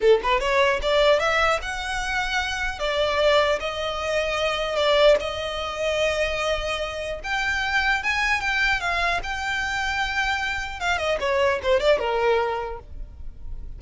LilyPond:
\new Staff \with { instrumentName = "violin" } { \time 4/4 \tempo 4 = 150 a'8 b'8 cis''4 d''4 e''4 | fis''2. d''4~ | d''4 dis''2. | d''4 dis''2.~ |
dis''2 g''2 | gis''4 g''4 f''4 g''4~ | g''2. f''8 dis''8 | cis''4 c''8 d''8 ais'2 | }